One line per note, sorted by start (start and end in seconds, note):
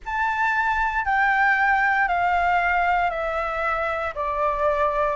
0.05 1.05 A5
1.05 2.07 G5
2.07 3.10 F5
3.10 4.14 E5
4.14 5.16 D5